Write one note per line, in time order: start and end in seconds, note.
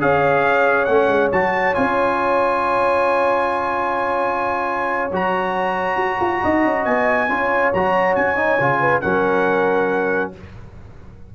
0.00 0.88 C#4
0.00 0.87 G#4
0.00 6.42 C#5
0.00 0.84 F5
0.84 1.08 A3
0.84 1.32 C#4
0.84 1.28 F#5
1.08 1.30 G#3
1.32 1.75 F#3
1.32 1.74 F#4
1.32 1.74 A5
1.74 5.11 C#4
1.74 5.11 F4
1.74 5.11 G#5
5.11 5.96 F#3
5.11 7.29 F#4
5.11 6.85 A#5
5.96 6.18 F#4
6.20 6.42 F4
6.42 6.64 D#4
6.42 7.29 D#5
6.64 6.85 C#4
6.85 7.29 B3
6.85 7.72 G#5
7.29 7.72 C#4
7.29 7.72 F4
7.29 8.80 C#5
7.73 8.16 F#3
7.73 8.36 F#4
7.73 8.15 A#5
8.15 8.59 C#4
8.15 9.01 G#5
8.36 8.58 D#4
8.59 9.03 C#3
8.59 9.02 F4
8.80 9.02 B4
9.01 10.35 F#3
9.01 10.33 C#4
9.01 10.33 A#4
9.01 10.31 F#5